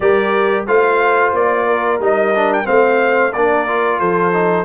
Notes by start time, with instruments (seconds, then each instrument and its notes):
0.00 tuba G3, trombone G4, horn A#4, trumpet D5
0.66 tuba A3, trombone F4, horn C5, trumpet F5
1.32 tuba A#3, trumpet D5
1.66 horn A#4
1.99 tuba G3, trombone D#4, trumpet D#5
2.35 trombone D4
2.53 trumpet G5
2.64 tuba A3, trombone C4, horn C5, trumpet F5
3.32 tuba A#3, trombone D4, horn A#4, trumpet D5
3.67 trombone F4
3.99 tuba F3, horn A4, trumpet C5
4.32 trombone D#4